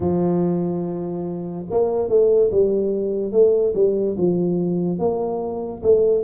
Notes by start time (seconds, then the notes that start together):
0.00 F3
1.70 A#3
2.08 A3
2.51 G3
3.32 A3
3.74 G3
4.17 F3
4.98 A#3
5.83 A3